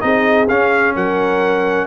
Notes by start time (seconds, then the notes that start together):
0.00 C4 D#4 G#4 D#5
0.48 C#4 F5
0.95 F#3 A#4 F#5